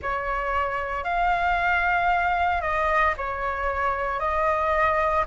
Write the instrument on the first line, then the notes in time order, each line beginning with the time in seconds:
flute
0.01 C#5
1.04 F5
2.61 D#5
3.17 C#5
4.19 D#5